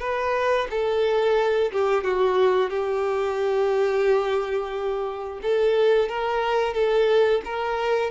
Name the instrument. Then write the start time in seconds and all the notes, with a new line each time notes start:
violin
0.00 B4
0.70 A4
1.72 G4
2.04 F#4
2.70 G4
5.42 A4
6.09 A#4
6.74 A4
7.45 A#4